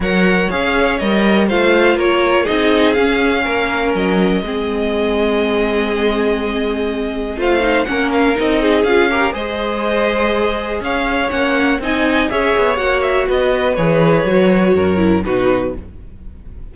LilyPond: <<
  \new Staff \with { instrumentName = "violin" } { \time 4/4 \tempo 4 = 122 fis''4 f''4 dis''4 f''4 | cis''4 dis''4 f''2 | dis''1~ | dis''2. f''4 |
fis''8 f''8 dis''4 f''4 dis''4~ | dis''2 f''4 fis''4 | gis''4 e''4 fis''8 e''8 dis''4 | cis''2. b'4 | }
  \new Staff \with { instrumentName = "violin" } { \time 4/4 cis''2. c''4 | ais'4 gis'2 ais'4~ | ais'4 gis'2.~ | gis'2. c''4 |
ais'4. gis'4 ais'8 c''4~ | c''2 cis''2 | dis''4 cis''2 b'4~ | b'2 ais'4 fis'4 | }
  \new Staff \with { instrumentName = "viola" } { \time 4/4 ais'4 gis'4 ais'4 f'4~ | f'4 dis'4 cis'2~ | cis'4 c'2.~ | c'2. f'8 dis'8 |
cis'4 dis'4 f'8 g'8 gis'4~ | gis'2. cis'4 | dis'4 gis'4 fis'2 | gis'4 fis'4. e'8 dis'4 | }
  \new Staff \with { instrumentName = "cello" } { \time 4/4 fis4 cis'4 g4 a4 | ais4 c'4 cis'4 ais4 | fis4 gis2.~ | gis2. a4 |
ais4 c'4 cis'4 gis4~ | gis2 cis'4 ais4 | c'4 cis'8 b8 ais4 b4 | e4 fis4 fis,4 b,4 | }
>>